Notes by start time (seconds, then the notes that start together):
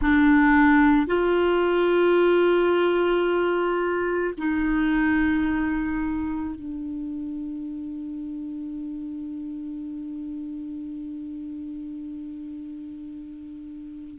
0.01 D4
1.06 F4
4.37 D#4
6.55 D4